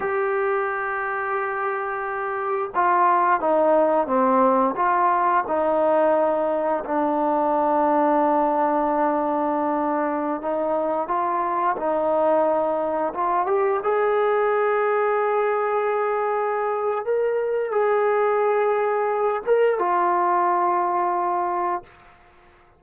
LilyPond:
\new Staff \with { instrumentName = "trombone" } { \time 4/4 \tempo 4 = 88 g'1 | f'4 dis'4 c'4 f'4 | dis'2 d'2~ | d'2.~ d'16 dis'8.~ |
dis'16 f'4 dis'2 f'8 g'16~ | g'16 gis'2.~ gis'8.~ | gis'4 ais'4 gis'2~ | gis'8 ais'8 f'2. | }